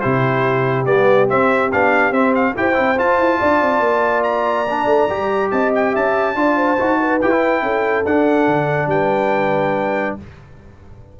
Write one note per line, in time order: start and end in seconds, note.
0.00 0.87 C3
0.00 0.87 E4
0.00 2.54 G4
0.00 0.85 C5
0.86 1.29 G3
0.86 1.29 B3
0.86 1.28 D5
1.29 1.71 C4
1.29 1.73 C4
1.29 1.72 E5
1.72 2.11 B3
1.72 2.13 D4
1.72 2.13 F5
2.11 2.54 C4
2.11 2.56 C4
2.11 2.34 E5
2.35 2.56 F5
2.56 2.78 E4
2.56 2.74 G4
2.56 3.39 C5
2.56 2.99 G5
2.74 2.99 C4
2.74 2.96 E4
2.98 4.67 F4
2.98 3.19 F4
2.98 4.24 A5
3.19 3.40 E4
3.39 3.62 D4
3.39 5.51 D5
3.62 3.80 C4
3.80 4.86 A#3
4.24 5.51 A#5
4.69 5.10 D4
4.86 5.07 A3
5.09 5.51 G3
5.09 6.36 G4
5.51 5.94 C4
5.51 5.92 D#5
5.51 5.72 A5
5.75 5.96 G5
5.92 6.35 C#4
5.92 6.35 E5
5.92 7.22 A5
6.35 6.78 D4
6.35 6.78 F4
6.35 6.57 D5
6.57 7.00 C5
6.79 7.23 D#4
6.79 7.21 F#4
7.00 7.63 B4
7.22 7.62 E4
7.22 7.31 G4
7.22 8.06 G5
7.31 8.05 E4
7.62 8.05 C#4
7.62 8.90 A4
8.06 8.47 D4
8.06 10.20 D4
8.06 8.90 F#5
8.47 8.87 D3
8.87 10.14 G3
8.87 10.19 B4
8.87 10.17 G5